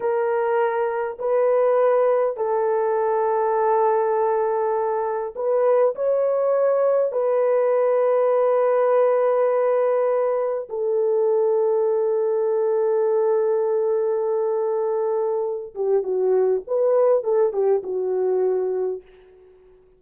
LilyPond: \new Staff \with { instrumentName = "horn" } { \time 4/4 \tempo 4 = 101 ais'2 b'2 | a'1~ | a'4 b'4 cis''2 | b'1~ |
b'2 a'2~ | a'1~ | a'2~ a'8 g'8 fis'4 | b'4 a'8 g'8 fis'2 | }